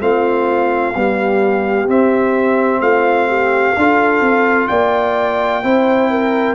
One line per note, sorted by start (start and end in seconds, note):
0.00 0.94 A3
0.00 0.94 C4
0.00 0.95 F4
0.00 1.89 F5
0.95 1.88 G3
0.95 1.88 B3
0.95 2.82 G4
1.88 2.80 C4
1.88 3.76 C4
1.88 2.81 E5
2.80 3.74 A3
2.80 3.29 F4
2.80 4.68 F5
3.29 3.75 G4
3.77 4.21 D4
3.77 5.63 F4
3.77 4.70 A4
4.21 4.68 C4
4.68 5.64 A#3
4.68 5.63 D5
4.68 6.54 G5
5.63 6.54 C4
5.63 6.54 E4
5.63 6.11 C5
6.11 6.54 A#4